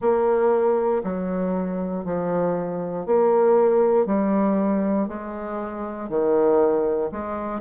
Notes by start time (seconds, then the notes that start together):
0.00 A#3
1.03 F#3
2.04 F3
3.06 A#3
4.06 G3
5.08 G#3
6.09 D#3
7.11 G#3